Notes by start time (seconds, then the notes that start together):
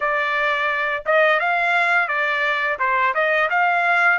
0.00 D5
1.05 D#5
1.40 F5
2.07 D5
2.79 C5
3.14 D#5
3.49 F5